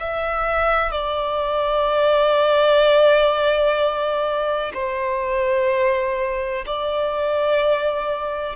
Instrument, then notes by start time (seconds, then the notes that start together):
violin
0.00 E5
0.91 D5
4.74 C5
6.66 D5